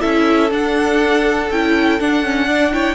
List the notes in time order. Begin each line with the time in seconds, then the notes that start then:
0.00 C#4 E4 A4 E5
0.51 D4 F#5
1.50 C#4 E4 G5
2.00 D4 F#5
2.23 C#4
2.47 D4 D5
2.72 E4 C#5 G5